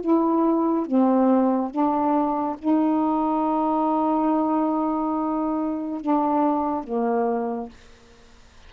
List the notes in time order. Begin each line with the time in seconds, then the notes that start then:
0.00 E4
0.86 C4
1.70 D4
2.58 D#4
6.00 D4
6.83 A#3